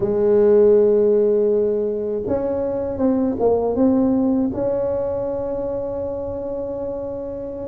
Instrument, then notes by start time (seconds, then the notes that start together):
tuba
0.00 G#3
2.27 C#4
2.97 C4
3.40 A#3
3.75 C4
4.53 C#4